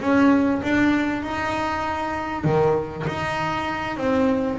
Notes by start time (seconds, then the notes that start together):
0.00 C#4
0.63 D4
1.22 D#4
2.44 D#3
3.07 D#4
3.97 C4